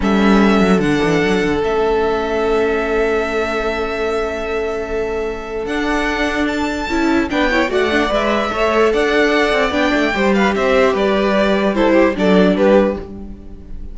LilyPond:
<<
  \new Staff \with { instrumentName = "violin" } { \time 4/4 \tempo 4 = 148 e''2 fis''2 | e''1~ | e''1~ | e''2 fis''2 |
a''2 g''4 fis''4 | e''2 fis''2 | g''4. f''8 e''4 d''4~ | d''4 c''4 d''4 b'4 | }
  \new Staff \with { instrumentName = "violin" } { \time 4/4 a'1~ | a'1~ | a'1~ | a'1~ |
a'2 b'8 cis''8 d''4~ | d''4 cis''4 d''2~ | d''4 c''8 b'8 c''4 b'4~ | b'4 a'8 g'8 a'4 g'4 | }
  \new Staff \with { instrumentName = "viola" } { \time 4/4 cis'2 d'2 | cis'1~ | cis'1~ | cis'2 d'2~ |
d'4 e'4 d'8 e'8 fis'8 d'8 | b'4 a'2. | d'4 g'2.~ | g'4 e'4 d'2 | }
  \new Staff \with { instrumentName = "cello" } { \time 4/4 g4. fis8 d8 e8 fis8 d8 | a1~ | a1~ | a2 d'2~ |
d'4 cis'4 b4 a4 | gis4 a4 d'4. c'8 | b8 a8 g4 c'4 g4~ | g2 fis4 g4 | }
>>